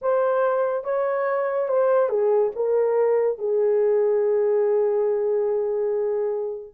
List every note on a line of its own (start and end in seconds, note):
0.01 0.84 C5
0.84 1.68 C#5
1.68 2.09 C5
2.09 2.51 G#4
2.55 3.38 A#4
3.38 6.74 G#4